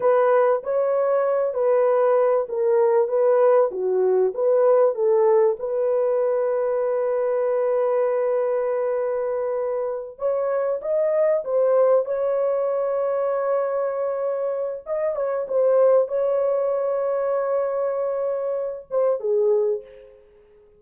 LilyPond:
\new Staff \with { instrumentName = "horn" } { \time 4/4 \tempo 4 = 97 b'4 cis''4. b'4. | ais'4 b'4 fis'4 b'4 | a'4 b'2.~ | b'1~ |
b'8 cis''4 dis''4 c''4 cis''8~ | cis''1 | dis''8 cis''8 c''4 cis''2~ | cis''2~ cis''8 c''8 gis'4 | }